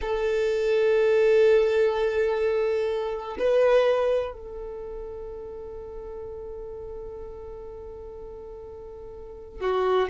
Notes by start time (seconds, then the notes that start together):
0.01 A4
3.39 B4
4.33 A4
9.60 F#4